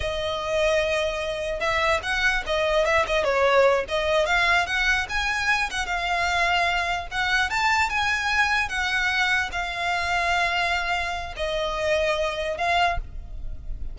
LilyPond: \new Staff \with { instrumentName = "violin" } { \time 4/4 \tempo 4 = 148 dis''1 | e''4 fis''4 dis''4 e''8 dis''8 | cis''4. dis''4 f''4 fis''8~ | fis''8 gis''4. fis''8 f''4.~ |
f''4. fis''4 a''4 gis''8~ | gis''4. fis''2 f''8~ | f''1 | dis''2. f''4 | }